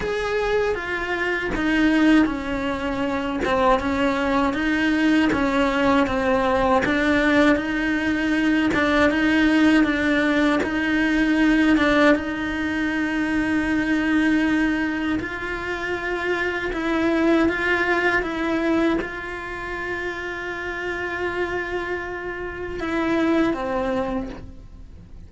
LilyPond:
\new Staff \with { instrumentName = "cello" } { \time 4/4 \tempo 4 = 79 gis'4 f'4 dis'4 cis'4~ | cis'8 c'8 cis'4 dis'4 cis'4 | c'4 d'4 dis'4. d'8 | dis'4 d'4 dis'4. d'8 |
dis'1 | f'2 e'4 f'4 | e'4 f'2.~ | f'2 e'4 c'4 | }